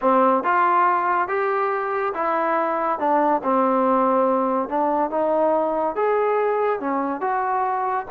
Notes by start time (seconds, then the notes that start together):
0.01 C4
0.43 F4
1.28 G4
2.14 E4
2.99 D4
3.43 C4
4.68 D4
5.10 D#4
5.95 G#4
6.80 C#4
7.21 F#4